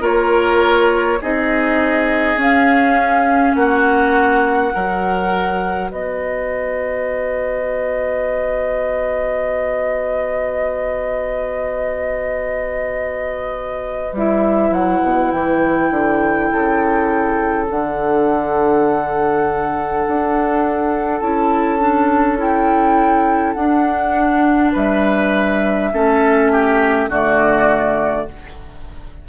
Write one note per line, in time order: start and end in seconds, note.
0.00 1.19 A#3
0.00 1.18 F4
0.00 1.18 A#4
0.00 1.21 C#5
1.21 2.35 C4
1.21 2.37 D#4
1.21 3.56 G#4
1.21 2.39 D#5
2.35 3.53 C#4
2.35 4.71 C#4
2.35 3.54 F5
3.54 4.72 A#3
3.54 4.73 F#4
3.54 5.89 F#5
4.71 5.91 F#3
4.71 14.12 F#4
4.71 5.90 A#4
5.90 14.12 B3
5.90 16.49 B4
5.90 14.14 D#5
14.12 14.70 G3
14.12 17.68 E4
14.12 14.73 E5
14.70 14.99 F#3
14.70 15.31 F#5
15.02 15.32 B2
15.31 15.90 E3
15.31 17.66 G5
15.90 16.49 D3
16.51 17.69 C#3
16.51 24.72 A4
17.68 20.05 D3
17.68 21.20 D4
17.68 21.20 F#5
20.07 21.21 D4
21.20 23.55 C#4
21.20 21.79 E4
21.20 22.37 A5
21.79 22.37 D4
22.37 23.55 E4
22.37 23.53 G5
23.53 24.73 D4
23.53 25.93 D4
23.53 24.71 F#5
24.72 25.92 G3
24.72 25.89 B4
24.72 27.10 E5
25.93 27.08 A3
25.93 27.10 C#4
25.93 26.51 A4
26.51 27.09 G4
27.08 28.25 D3
27.08 28.28 A3
27.08 28.27 F#4
27.08 28.28 D5